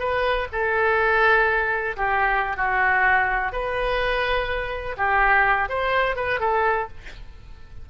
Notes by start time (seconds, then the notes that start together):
0.00 B4
0.52 A4
1.97 G4
2.57 F#4
3.52 B4
4.97 G4
5.69 C5
6.16 B4
6.40 A4